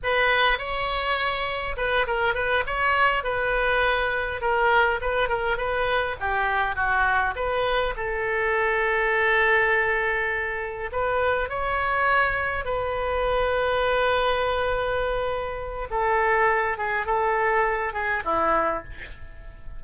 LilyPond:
\new Staff \with { instrumentName = "oboe" } { \time 4/4 \tempo 4 = 102 b'4 cis''2 b'8 ais'8 | b'8 cis''4 b'2 ais'8~ | ais'8 b'8 ais'8 b'4 g'4 fis'8~ | fis'8 b'4 a'2~ a'8~ |
a'2~ a'8 b'4 cis''8~ | cis''4. b'2~ b'8~ | b'2. a'4~ | a'8 gis'8 a'4. gis'8 e'4 | }